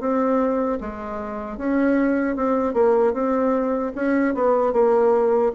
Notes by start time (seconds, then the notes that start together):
0.00 C4
0.80 G#3
1.57 C#4
2.36 C4
2.74 A#3
3.13 C4
3.95 C#4
4.34 B3
4.73 A#3